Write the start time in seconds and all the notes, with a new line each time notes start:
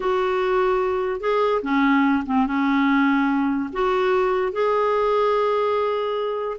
0.00 F#4
1.20 G#4
1.62 C#4
2.26 C4
2.47 C#4
3.72 F#4
4.52 G#4